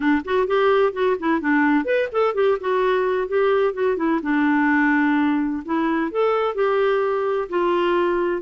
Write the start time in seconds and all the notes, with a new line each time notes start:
0.00 D4
0.24 F#4
0.47 G4
0.92 F#4
1.19 E4
1.40 D4
1.85 B4
2.11 A4
2.34 G4
2.60 F#4
3.28 G4
3.73 F#4
3.97 E4
4.22 D4
5.65 E4
6.11 A4
6.54 G4
7.49 F4